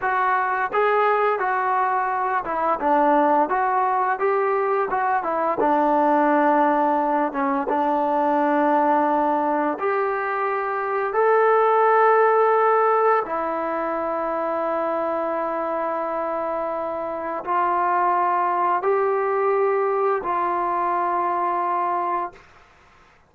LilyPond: \new Staff \with { instrumentName = "trombone" } { \time 4/4 \tempo 4 = 86 fis'4 gis'4 fis'4. e'8 | d'4 fis'4 g'4 fis'8 e'8 | d'2~ d'8 cis'8 d'4~ | d'2 g'2 |
a'2. e'4~ | e'1~ | e'4 f'2 g'4~ | g'4 f'2. | }